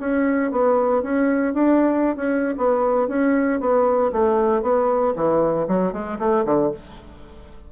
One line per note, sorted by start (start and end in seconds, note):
0.00 0.51 C#4
0.51 1.03 B3
1.03 1.54 C#4
1.54 2.16 D4
2.16 2.55 C#4
2.57 3.08 B3
3.08 3.60 C#4
3.60 4.12 B3
4.12 4.62 A3
4.62 5.14 B3
5.16 5.67 E3
5.68 5.93 F#3
5.93 6.19 G#3
6.19 6.45 A3
6.45 6.71 D3